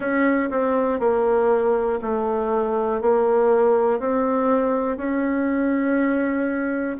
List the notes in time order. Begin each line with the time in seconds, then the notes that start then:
0.00 C#4
0.50 C4
0.99 A#3
2.01 A3
3.00 A#3
4.00 C4
4.97 C#4